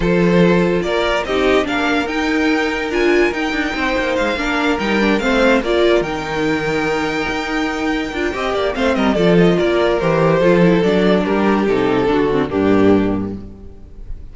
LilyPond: <<
  \new Staff \with { instrumentName = "violin" } { \time 4/4 \tempo 4 = 144 c''2 d''4 dis''4 | f''4 g''2 gis''4 | g''2 f''4. g''8~ | g''8 f''4 d''4 g''4.~ |
g''1~ | g''4 f''8 dis''8 d''8 dis''8 d''4 | c''2 d''4 ais'4 | a'2 g'2 | }
  \new Staff \with { instrumentName = "violin" } { \time 4/4 a'2 ais'4 g'4 | ais'1~ | ais'4 c''4. ais'4.~ | ais'8 c''4 ais'2~ ais'8~ |
ais'1 | dis''8 d''8 c''8 ais'8 a'4 ais'4~ | ais'4 a'2 g'4~ | g'4 fis'4 d'2 | }
  \new Staff \with { instrumentName = "viola" } { \time 4/4 f'2. dis'4 | d'4 dis'2 f'4 | dis'2~ dis'8 d'4 dis'8 | d'8 c'4 f'4 dis'4.~ |
dis'2.~ dis'8 f'8 | g'4 c'4 f'2 | g'4 f'8 e'8 d'2 | dis'4 d'8 c'8 ais2 | }
  \new Staff \with { instrumentName = "cello" } { \time 4/4 f2 ais4 c'4 | ais4 dis'2 d'4 | dis'8 d'8 c'8 ais8 gis8 ais4 g8~ | g8 a4 ais4 dis4.~ |
dis4. dis'2 d'8 | c'8 ais8 a8 g8 f4 ais4 | e4 f4 fis4 g4 | c4 d4 g,2 | }
>>